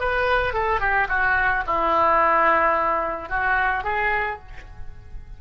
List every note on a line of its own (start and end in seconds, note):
0.00 0.54 B4
0.54 0.80 A4
0.80 1.08 G4
1.09 1.64 F#4
1.67 3.29 E4
3.29 3.84 F#4
3.84 4.39 G#4